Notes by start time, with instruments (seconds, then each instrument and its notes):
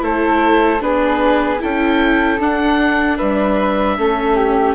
0.00 bassoon A3, viola E4, flute A4, oboe C5
0.79 bassoon B3, viola D4, flute G#4, oboe B4
1.59 bassoon C#4, viola E4, flute A4, oboe G5
2.39 bassoon D4, viola D4, oboe F#5
3.17 bassoon G3, flute B4, oboe E5
3.97 bassoon A3, viola C#4, flute A4
4.35 flute G4